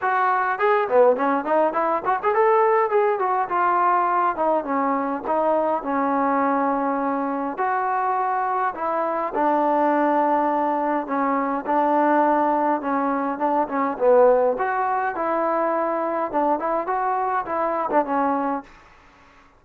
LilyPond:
\new Staff \with { instrumentName = "trombone" } { \time 4/4 \tempo 4 = 103 fis'4 gis'8 b8 cis'8 dis'8 e'8 fis'16 gis'16 | a'4 gis'8 fis'8 f'4. dis'8 | cis'4 dis'4 cis'2~ | cis'4 fis'2 e'4 |
d'2. cis'4 | d'2 cis'4 d'8 cis'8 | b4 fis'4 e'2 | d'8 e'8 fis'4 e'8. d'16 cis'4 | }